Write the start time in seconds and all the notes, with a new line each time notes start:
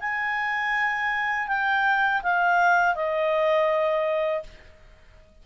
0.00 G#5
1.47 G5
2.23 F5
2.95 D#5